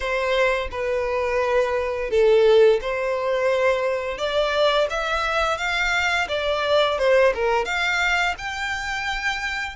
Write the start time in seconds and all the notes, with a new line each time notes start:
0.00 C5
0.71 B4
2.10 A4
2.81 C5
4.17 D5
4.90 E5
5.57 F5
6.28 D5
6.98 C5
7.34 A#4
7.65 F5
8.38 G5